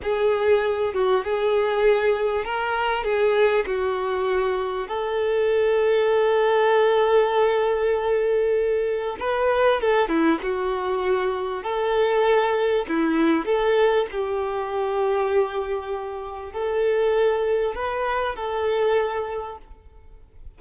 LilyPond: \new Staff \with { instrumentName = "violin" } { \time 4/4 \tempo 4 = 98 gis'4. fis'8 gis'2 | ais'4 gis'4 fis'2 | a'1~ | a'2. b'4 |
a'8 e'8 fis'2 a'4~ | a'4 e'4 a'4 g'4~ | g'2. a'4~ | a'4 b'4 a'2 | }